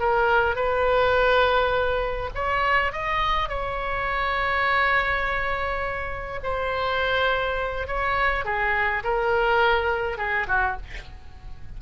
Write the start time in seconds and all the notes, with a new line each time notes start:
0.00 A#4
0.56 B4
2.35 C#5
2.93 D#5
3.49 C#5
6.43 C5
7.87 C#5
8.45 G#4
9.04 A#4
10.18 G#4
10.48 F#4